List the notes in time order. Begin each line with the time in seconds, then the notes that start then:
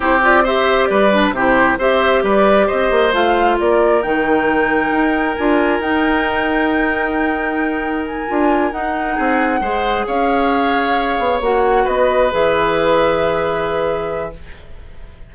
0.00 C4 E4 G4 C5
0.22 F4 D5
0.43 G4 C5 E5
0.85 G3 B4 D5
1.11 D4
1.31 C3 E4 G4 C5
1.77 C4 G4 C5 E5
2.22 G3 B4 D5
2.67 C4 C5 D#5
2.90 A#3
3.12 A3 F4 F5
3.60 A#3 A#4 D5
4.02 D#3 D#4 G5
4.90 D#4
5.35 D4 F4 G#5
5.79 D#4 G5
8.06 G#5
8.27 D4 F4
8.71 D#4 F#5
9.15 C4 G#4
9.60 G#3 G#4 C5
10.06 C#4 C#5 F5
11.18 B3
11.40 A#3 F#4 F#5
11.84 B3 B4 D#5
12.31 E3 G#4 E5